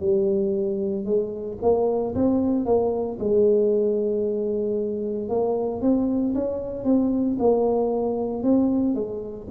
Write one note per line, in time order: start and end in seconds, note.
0.00 1.05 G3
1.05 1.58 G#3
1.62 2.15 A#3
2.15 2.66 C4
2.66 3.18 A#3
3.20 5.29 G#3
5.29 5.81 A#3
5.81 6.34 C4
6.35 6.84 C#4
6.84 7.37 C4
7.39 8.43 A#3
8.43 8.95 C4
8.95 9.47 G#3